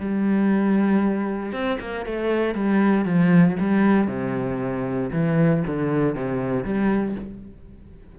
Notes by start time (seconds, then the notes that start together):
0.00 G3
1.53 C4
1.80 A#3
2.06 A3
2.55 G3
3.05 F3
3.60 G3
4.08 C3
5.13 E3
5.67 D3
6.16 C3
6.64 G3